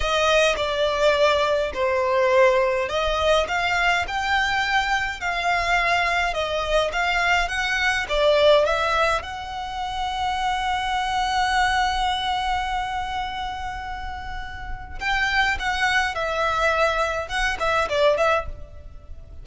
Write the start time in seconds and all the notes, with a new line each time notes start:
0.00 D#5
0.56 D5
1.73 C5
2.88 D#5
3.47 F5
4.07 G5
5.20 F5
6.33 D#5
6.92 F5
7.48 F#5
8.08 D5
8.65 E5
9.22 F#5
14.99 G5
15.59 F#5
16.14 E5
17.28 F#5
17.59 E5
17.89 D5
18.17 E5